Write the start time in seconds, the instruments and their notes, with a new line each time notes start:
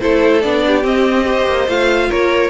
0.00 cello A3, viola E4, violin A4 C5
0.42 cello B3, viola D4, violin D5
0.67 violin G4
0.83 viola C4, cello C4, violin D#5
1.25 viola G4, violin C5
1.47 cello A#3
1.68 cello A3, viola F4, violin F5
2.09 cello A#3, violin A#4 C#5